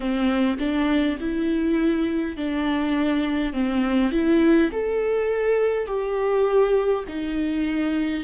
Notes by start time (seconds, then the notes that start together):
0.00 C4
0.59 D4
1.20 E4
2.36 D4
3.53 C4
4.11 E4
4.72 A4
5.87 G4
7.07 D#4